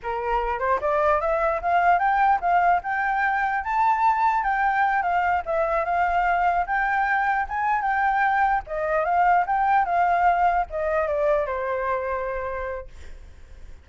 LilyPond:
\new Staff \with { instrumentName = "flute" } { \time 4/4 \tempo 4 = 149 ais'4. c''8 d''4 e''4 | f''4 g''4 f''4 g''4~ | g''4 a''2 g''4~ | g''8 f''4 e''4 f''4.~ |
f''8 g''2 gis''4 g''8~ | g''4. dis''4 f''4 g''8~ | g''8 f''2 dis''4 d''8~ | d''8 c''2.~ c''8 | }